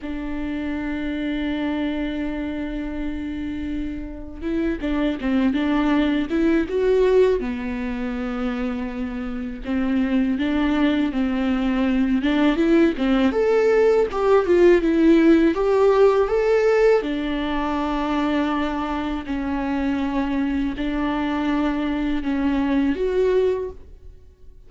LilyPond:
\new Staff \with { instrumentName = "viola" } { \time 4/4 \tempo 4 = 81 d'1~ | d'2 e'8 d'8 c'8 d'8~ | d'8 e'8 fis'4 b2~ | b4 c'4 d'4 c'4~ |
c'8 d'8 e'8 c'8 a'4 g'8 f'8 | e'4 g'4 a'4 d'4~ | d'2 cis'2 | d'2 cis'4 fis'4 | }